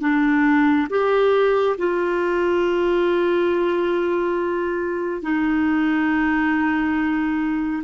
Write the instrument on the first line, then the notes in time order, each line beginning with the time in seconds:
clarinet
0.00 D4
0.89 G4
1.77 F4
5.22 D#4